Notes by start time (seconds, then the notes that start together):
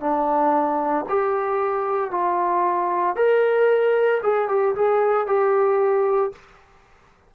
0.00 D4
1.09 G4
2.11 F4
3.16 A#4
4.23 G#4
4.49 G4
4.75 G#4
5.27 G4